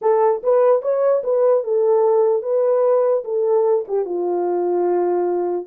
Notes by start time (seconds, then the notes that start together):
0.01 A4
0.43 B4
0.82 C#5
1.23 B4
1.63 A4
2.42 B4
3.24 A4
3.88 G4
4.05 F4